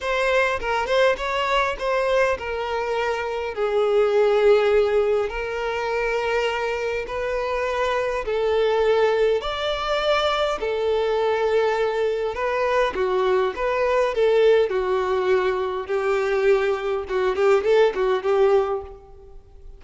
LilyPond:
\new Staff \with { instrumentName = "violin" } { \time 4/4 \tempo 4 = 102 c''4 ais'8 c''8 cis''4 c''4 | ais'2 gis'2~ | gis'4 ais'2. | b'2 a'2 |
d''2 a'2~ | a'4 b'4 fis'4 b'4 | a'4 fis'2 g'4~ | g'4 fis'8 g'8 a'8 fis'8 g'4 | }